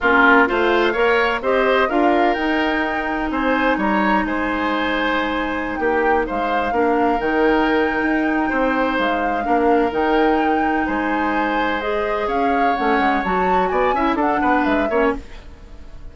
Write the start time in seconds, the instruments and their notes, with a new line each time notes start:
0.00 bassoon A#3, clarinet C#4, oboe F4, flute A#4
0.47 bassoon A3, clarinet F4, oboe C5, flute F5
0.92 bassoon A#3, clarinet A#4, oboe C#5
1.41 bassoon C4, clarinet G4, oboe C5, flute D#5
1.89 bassoon D4, clarinet F4, oboe A#4, flute F5
2.34 bassoon D#4, clarinet D#4, flute G5
3.30 bassoon C4, oboe C5, flute G#5
3.77 bassoon G3, oboe C#5, flute A#5
4.25 bassoon G#3, oboe C5, flute G#5
5.76 bassoon A#3, oboe G4, flute G5
6.26 bassoon G#3, oboe C5, flute F5
6.71 bassoon A#3, clarinet D4, oboe A#4
7.18 bassoon D#3, clarinet D#4, flute G5
8.02 bassoon D#4
8.49 bassoon C4, oboe C5
8.97 bassoon G#3, flute F5
9.42 bassoon A#3, clarinet D4, oboe A#4
9.91 bassoon D#3, clarinet D#4, flute G5
10.86 bassoon G#3, oboe C5, flute G#5
11.80 clarinet G#4, flute D#5
12.27 bassoon C#4, oboe C#5, flute F5
12.75 bassoon A3, clarinet C#4, flute F#5
12.98 bassoon G#3
13.24 bassoon F#3, clarinet F#4, flute A5
13.67 bassoon B3, oboe D5, flute G#5
13.93 bassoon C#4, clarinet E4, oboe E5
14.15 bassoon D4, clarinet D4, oboe A4, flute F#5
14.41 bassoon B3, oboe B4
14.63 bassoon G#3, flute E5
14.89 bassoon A#3, clarinet C#4, oboe C#5